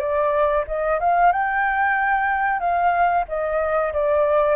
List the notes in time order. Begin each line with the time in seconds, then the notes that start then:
0.00 D5
0.68 D#5
1.00 F5
1.33 G5
2.60 F5
3.28 D#5
3.94 D5